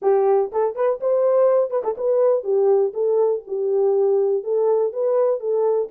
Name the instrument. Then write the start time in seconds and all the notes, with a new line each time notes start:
horn
0.02 G4
0.52 A4
0.75 B4
1.00 C5
1.70 B4
1.83 A4
1.97 B4
2.43 G4
2.93 A4
3.47 G4
4.43 A4
4.92 B4
5.40 A4